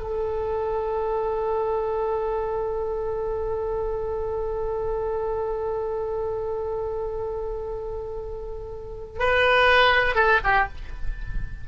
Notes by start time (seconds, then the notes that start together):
0.00 A4
9.19 B4
10.15 A4
10.44 G4